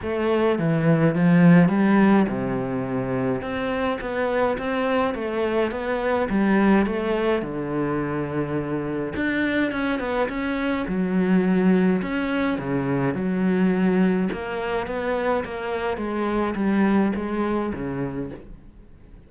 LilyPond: \new Staff \with { instrumentName = "cello" } { \time 4/4 \tempo 4 = 105 a4 e4 f4 g4 | c2 c'4 b4 | c'4 a4 b4 g4 | a4 d2. |
d'4 cis'8 b8 cis'4 fis4~ | fis4 cis'4 cis4 fis4~ | fis4 ais4 b4 ais4 | gis4 g4 gis4 cis4 | }